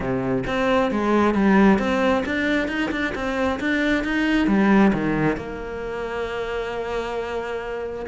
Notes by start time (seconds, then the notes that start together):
0.00 C3
0.46 C4
0.91 G#3
1.34 G3
1.78 C4
2.25 D4
2.68 D#4
2.91 D4
3.14 C4
3.60 D4
4.04 D#4
4.47 G3
4.93 D#3
5.36 A#3